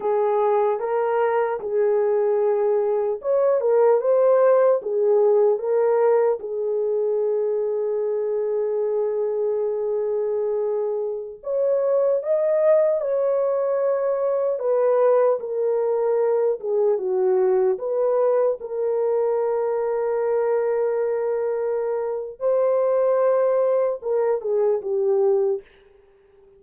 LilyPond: \new Staff \with { instrumentName = "horn" } { \time 4/4 \tempo 4 = 75 gis'4 ais'4 gis'2 | cis''8 ais'8 c''4 gis'4 ais'4 | gis'1~ | gis'2~ gis'16 cis''4 dis''8.~ |
dis''16 cis''2 b'4 ais'8.~ | ais'8. gis'8 fis'4 b'4 ais'8.~ | ais'1 | c''2 ais'8 gis'8 g'4 | }